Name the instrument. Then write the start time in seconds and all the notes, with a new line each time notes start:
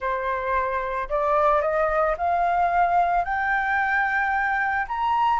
flute
0.00 C5
1.09 D5
1.61 D#5
2.17 F5
3.24 G5
4.88 A#5